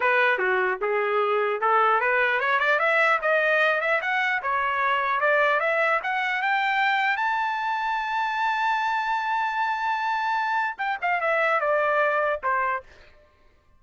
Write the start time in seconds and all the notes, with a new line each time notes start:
0.00 B4
0.38 F#4
0.81 G#4
1.61 A4
2.00 B4
2.40 C#5
2.59 D5
2.79 E5
3.21 D#5
3.80 E5
4.01 F#5
4.42 C#5
5.20 D5
5.59 E5
6.03 F#5
6.42 G5
7.16 A5
10.78 G5
11.01 F5
11.20 E5
11.60 D5
12.43 C5